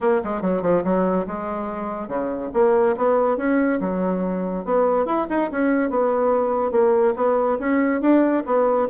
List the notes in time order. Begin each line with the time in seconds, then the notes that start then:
0.00 A#3
0.24 G#3
0.41 F#3
0.61 F3
0.84 F#3
1.27 G#3
2.08 C#3
2.53 A#3
2.96 B3
3.37 C#4
3.80 F#3
4.64 B3
5.05 E4
5.29 D#4
5.51 C#4
5.90 B3
6.71 A#3
7.16 B3
7.59 C#4
8.01 D4
8.46 B3